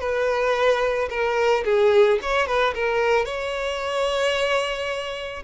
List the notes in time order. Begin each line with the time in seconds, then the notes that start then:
0.00 B4
1.10 A#4
1.65 G#4
2.22 C#5
2.47 B4
2.74 A#4
3.25 C#5